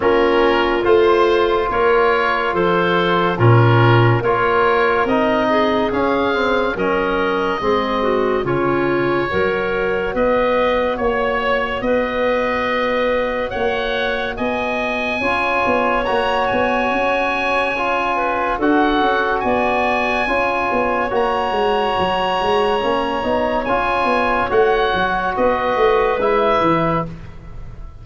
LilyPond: <<
  \new Staff \with { instrumentName = "oboe" } { \time 4/4 \tempo 4 = 71 ais'4 c''4 cis''4 c''4 | ais'4 cis''4 dis''4 f''4 | dis''2 cis''2 | dis''4 cis''4 dis''2 |
fis''4 gis''2 ais''8 gis''8~ | gis''2 fis''4 gis''4~ | gis''4 ais''2. | gis''4 fis''4 dis''4 e''4 | }
  \new Staff \with { instrumentName = "clarinet" } { \time 4/4 f'2 ais'4 a'4 | f'4 ais'4. gis'4. | ais'4 gis'8 fis'8 f'4 ais'4 | b'4 cis''4 b'2 |
cis''4 dis''4 cis''2~ | cis''4. b'8 a'4 d''4 | cis''1~ | cis''2 b'2 | }
  \new Staff \with { instrumentName = "trombone" } { \time 4/4 cis'4 f'2. | cis'4 f'4 dis'4 cis'8 c'8 | cis'4 c'4 cis'4 fis'4~ | fis'1~ |
fis'2 f'4 fis'4~ | fis'4 f'4 fis'2 | f'4 fis'2 cis'8 dis'8 | f'4 fis'2 e'4 | }
  \new Staff \with { instrumentName = "tuba" } { \time 4/4 ais4 a4 ais4 f4 | ais,4 ais4 c'4 cis'4 | fis4 gis4 cis4 fis4 | b4 ais4 b2 |
ais4 b4 cis'8 b8 ais8 b8 | cis'2 d'8 cis'8 b4 | cis'8 b8 ais8 gis8 fis8 gis8 ais8 b8 | cis'8 b8 a8 fis8 b8 a8 gis8 e8 | }
>>